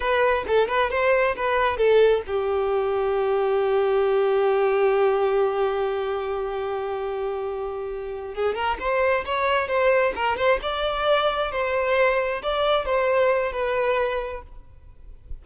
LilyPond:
\new Staff \with { instrumentName = "violin" } { \time 4/4 \tempo 4 = 133 b'4 a'8 b'8 c''4 b'4 | a'4 g'2.~ | g'1~ | g'1~ |
g'2~ g'8 gis'8 ais'8 c''8~ | c''8 cis''4 c''4 ais'8 c''8 d''8~ | d''4. c''2 d''8~ | d''8 c''4. b'2 | }